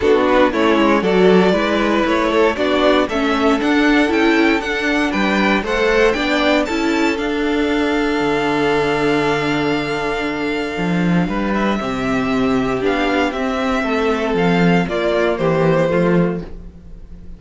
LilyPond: <<
  \new Staff \with { instrumentName = "violin" } { \time 4/4 \tempo 4 = 117 a'8 b'8 cis''4 d''2 | cis''4 d''4 e''4 fis''4 | g''4 fis''4 g''4 fis''4 | g''4 a''4 f''2~ |
f''1~ | f''2~ f''8 e''4.~ | e''4 f''4 e''2 | f''4 d''4 c''2 | }
  \new Staff \with { instrumentName = "violin" } { \time 4/4 fis'4 e'4 a'4 b'4~ | b'8 a'8 fis'4 a'2~ | a'2 b'4 c''4 | d''4 a'2.~ |
a'1~ | a'2 b'4 g'4~ | g'2. a'4~ | a'4 f'4 g'4 f'4 | }
  \new Staff \with { instrumentName = "viola" } { \time 4/4 d'4 cis'4 fis'4 e'4~ | e'4 d'4 cis'4 d'4 | e'4 d'2 a'4 | d'4 e'4 d'2~ |
d'1~ | d'2. c'4~ | c'4 d'4 c'2~ | c'4 ais2 a4 | }
  \new Staff \with { instrumentName = "cello" } { \time 4/4 b4 a8 gis8 fis4 gis4 | a4 b4 a4 d'4 | cis'4 d'4 g4 a4 | b4 cis'4 d'2 |
d1~ | d4 f4 g4 c4~ | c4 b4 c'4 a4 | f4 ais4 e4 f4 | }
>>